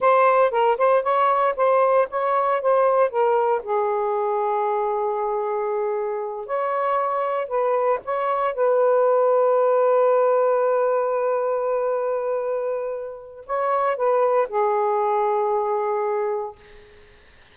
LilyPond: \new Staff \with { instrumentName = "saxophone" } { \time 4/4 \tempo 4 = 116 c''4 ais'8 c''8 cis''4 c''4 | cis''4 c''4 ais'4 gis'4~ | gis'1~ | gis'8 cis''2 b'4 cis''8~ |
cis''8 b'2.~ b'8~ | b'1~ | b'2 cis''4 b'4 | gis'1 | }